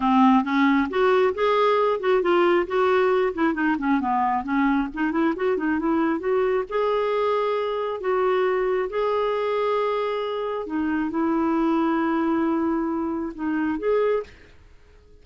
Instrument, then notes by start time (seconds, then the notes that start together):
clarinet
0.00 C4
0.44 C#4
0.89 F#4
1.34 G#4
2.00 F#4
2.22 F4
2.66 F#4
3.34 E4
3.54 D#4
3.78 C#4
4.00 B3
4.43 C#4
4.94 D#4
5.11 E4
5.36 F#4
5.57 D#4
5.79 E4
6.19 F#4
6.69 G#4
8.00 F#4
8.89 G#4
10.66 D#4
11.10 E4
13.35 D#4
13.78 G#4